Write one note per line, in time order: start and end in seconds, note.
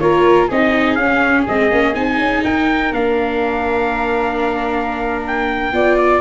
0.00 0.49 A#3
0.00 0.49 F4
0.00 0.48 A#4
0.00 0.49 C#5
0.48 0.97 C4
0.48 0.99 D#4
0.48 2.43 G#4
0.48 0.95 D#5
0.95 1.46 C#4
0.95 1.48 C#4
0.95 1.44 F5
1.48 1.72 G#3
1.48 1.72 C4
1.48 1.95 D#5
1.72 1.96 A#3
1.72 1.95 C#4
1.95 2.19 C4
1.95 2.92 D#4
1.95 2.44 G#5
2.19 2.43 C#4
2.45 2.92 D#4
2.45 5.74 A#4
2.45 2.93 G5
2.92 5.73 A#3
2.92 5.73 D4
2.92 5.25 F5
5.27 5.98 G5
5.73 6.21 B3
5.73 6.21 F4
5.73 6.21 D5
5.98 6.21 D5